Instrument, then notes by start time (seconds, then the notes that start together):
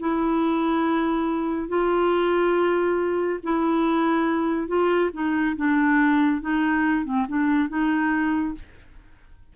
clarinet
0.00 E4
1.69 F4
3.44 E4
4.68 F4
5.14 D#4
5.57 D4
6.41 D#4
7.05 C4
7.29 D4
7.69 D#4